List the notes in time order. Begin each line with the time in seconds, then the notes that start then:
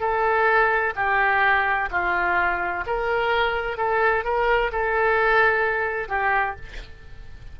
0.00 A4
0.95 G4
1.91 F4
2.86 A#4
3.77 A4
4.24 A#4
4.72 A4
6.09 G4